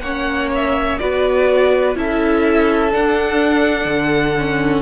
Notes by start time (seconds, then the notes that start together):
0.00 A#3 C#4 C#5 F#5
0.55 E5
0.98 B3 F#4 B4 D5
1.95 C#4 E4 A4 E5
2.91 D4 F#5
3.85 D3
4.38 C#4